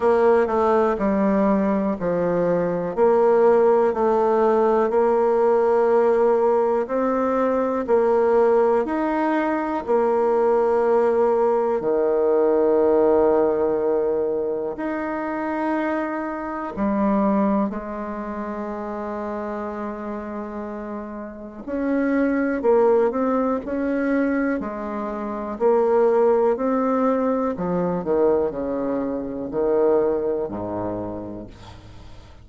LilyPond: \new Staff \with { instrumentName = "bassoon" } { \time 4/4 \tempo 4 = 61 ais8 a8 g4 f4 ais4 | a4 ais2 c'4 | ais4 dis'4 ais2 | dis2. dis'4~ |
dis'4 g4 gis2~ | gis2 cis'4 ais8 c'8 | cis'4 gis4 ais4 c'4 | f8 dis8 cis4 dis4 gis,4 | }